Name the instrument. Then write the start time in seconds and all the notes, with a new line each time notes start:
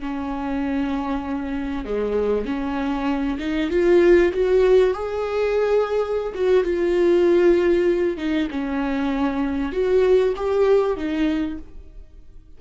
viola
0.00 C#4
1.85 G#3
2.45 C#4
3.39 D#4
3.71 F4
4.33 F#4
4.94 G#4
6.35 F#4
6.64 F4
8.18 D#4
8.51 C#4
9.72 F#4
10.37 G4
10.97 D#4